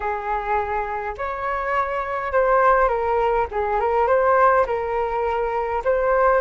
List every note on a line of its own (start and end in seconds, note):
0.00 1.14 G#4
1.17 2.32 C#5
2.32 2.88 C5
2.88 3.46 A#4
3.51 3.80 G#4
3.80 4.07 A#4
4.07 4.65 C5
4.66 5.83 A#4
5.84 6.41 C5